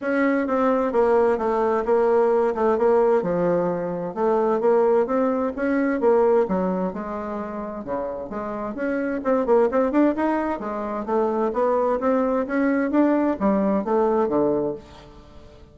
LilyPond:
\new Staff \with { instrumentName = "bassoon" } { \time 4/4 \tempo 4 = 130 cis'4 c'4 ais4 a4 | ais4. a8 ais4 f4~ | f4 a4 ais4 c'4 | cis'4 ais4 fis4 gis4~ |
gis4 cis4 gis4 cis'4 | c'8 ais8 c'8 d'8 dis'4 gis4 | a4 b4 c'4 cis'4 | d'4 g4 a4 d4 | }